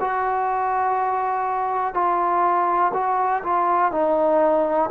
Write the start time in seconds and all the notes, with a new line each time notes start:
0.00 F#4
1.94 F4
2.93 F#4
3.43 F4
3.92 D#4